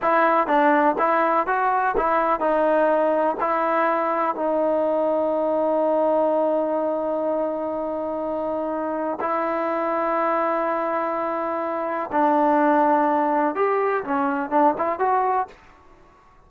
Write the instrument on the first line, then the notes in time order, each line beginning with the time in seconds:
trombone
0.02 E4
0.47 D4
0.98 E4
1.46 F#4
1.97 E4
2.40 D#4
3.40 E4
4.35 D#4
9.20 E4
12.11 D4
13.55 G4
14.04 C#4
14.50 D4
14.77 E4
14.99 F#4